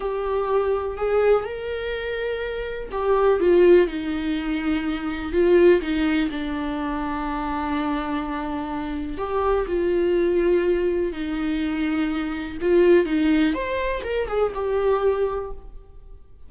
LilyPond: \new Staff \with { instrumentName = "viola" } { \time 4/4 \tempo 4 = 124 g'2 gis'4 ais'4~ | ais'2 g'4 f'4 | dis'2. f'4 | dis'4 d'2.~ |
d'2. g'4 | f'2. dis'4~ | dis'2 f'4 dis'4 | c''4 ais'8 gis'8 g'2 | }